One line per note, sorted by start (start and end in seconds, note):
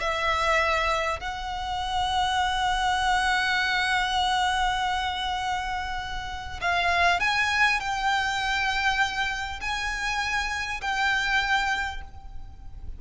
0.00 1.20 E5
1.20 6.60 F#5
6.61 7.20 F5
7.20 7.80 G#5
7.80 9.60 G5
9.61 10.81 G#5
10.81 12.01 G5